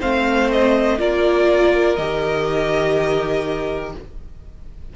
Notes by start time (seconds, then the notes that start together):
0.00 A3 C4 C5 F5
0.51 D#5
0.98 A#3 F4 A#4 D5
1.96 D#3 G4 D#5